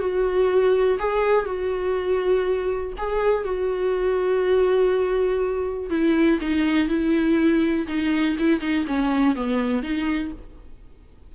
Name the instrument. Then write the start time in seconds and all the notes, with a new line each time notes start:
viola
0.00 F#4
0.99 G#4
1.46 F#4
2.98 G#4
3.44 F#4
5.90 E4
6.41 D#4
6.89 E4
7.88 D#4
8.39 E4
8.61 D#4
8.87 C#4
9.35 B3
9.83 D#4